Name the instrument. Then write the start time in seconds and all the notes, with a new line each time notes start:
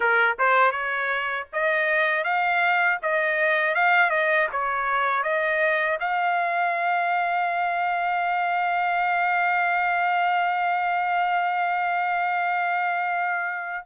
trumpet
0.00 A#4
0.38 C5
0.71 C#5
1.52 D#5
2.24 F5
3.02 D#5
3.74 F5
4.10 D#5
4.51 C#5
5.23 D#5
6.00 F5